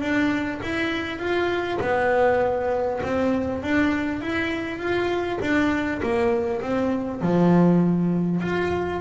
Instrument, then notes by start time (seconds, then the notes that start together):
double bass
0.00 D4
0.62 E4
1.18 F4
1.81 B3
3.03 C4
3.62 D4
4.21 E4
4.78 F4
5.41 D4
6.02 A#3
6.61 C4
7.21 F3
8.40 F4